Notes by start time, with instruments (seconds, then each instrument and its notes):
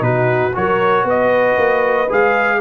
0.00 tuba B2, trombone D#4, horn F#4, trumpet B4
0.54 tuba F#3, trombone F#4, horn A#4, trumpet C#5
1.04 tuba B3, horn B4, trumpet D#5
1.57 tuba A#3
2.09 tuba G#3, trombone G#4, trumpet F5